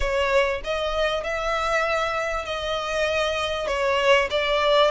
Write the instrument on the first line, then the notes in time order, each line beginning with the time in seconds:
violin
0.00 C#5
0.64 D#5
1.23 E5
2.45 D#5
3.67 C#5
4.30 D5